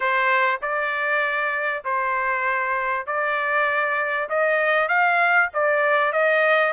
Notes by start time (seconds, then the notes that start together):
0.00 C5
0.61 D5
1.84 C5
3.06 D5
4.29 D#5
4.88 F5
5.53 D5
6.12 D#5